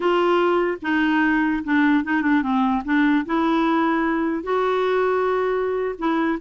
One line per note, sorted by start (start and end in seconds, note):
0.00 0.77 F4
0.82 1.63 D#4
1.64 2.04 D4
2.04 2.22 D#4
2.22 2.42 D4
2.42 2.82 C4
2.85 3.25 D4
3.25 4.43 E4
4.43 5.95 F#4
5.98 6.38 E4